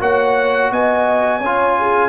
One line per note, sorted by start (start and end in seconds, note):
0.00 0.71 A#3
0.00 1.41 F#4
0.00 0.71 C#5
0.00 0.72 F#5
0.71 1.40 B3
0.71 1.39 D#5
0.71 2.09 G#5
1.39 2.09 C#4
1.39 1.74 C#5
1.45 2.09 F4
1.78 2.09 G#4